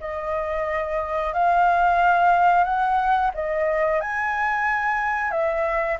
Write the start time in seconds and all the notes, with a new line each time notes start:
0.00 D#5
1.33 F5
2.64 F#5
3.34 D#5
4.00 G#5
5.31 E5